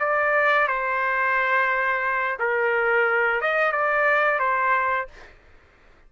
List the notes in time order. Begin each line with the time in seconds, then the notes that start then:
0.00 D5
0.68 C5
2.40 A#4
3.41 D#5
3.72 D5
4.39 C5